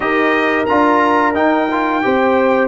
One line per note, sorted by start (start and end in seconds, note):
0.00 0.67 D#4
0.00 0.65 G4
0.00 2.04 A#4
0.00 0.65 D#5
0.65 1.37 D4
0.65 1.34 F4
0.65 1.33 A#5
1.34 1.67 D#4
1.34 2.04 D#4
1.34 2.67 G5
1.71 2.02 F4
2.02 2.67 C4
2.02 2.67 G4
2.02 2.67 C5